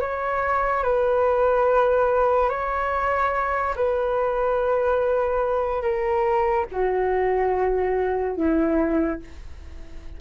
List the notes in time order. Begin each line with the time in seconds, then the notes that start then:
0.00 C#5
0.83 B4
2.49 C#5
3.76 B4
5.82 A#4
6.71 F#4
8.36 E4